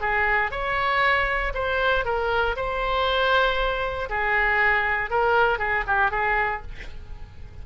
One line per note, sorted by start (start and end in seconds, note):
0.00 0.51 G#4
0.51 1.53 C#5
1.54 2.05 C5
2.05 2.56 A#4
2.56 4.09 C5
4.09 5.10 G#4
5.10 5.58 A#4
5.58 5.84 G#4
5.87 6.11 G4
6.11 6.62 G#4